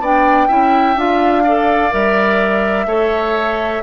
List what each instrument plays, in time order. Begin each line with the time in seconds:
0.00 bassoon B3, clarinet D4, oboe D5, flute G5
0.48 bassoon C#4, clarinet E4, oboe E5
0.96 bassoon D4, clarinet F4, flute F5
1.44 clarinet A4, oboe D5
1.91 bassoon G3, clarinet A#4, flute E5
2.86 bassoon A3, clarinet A4, oboe C#5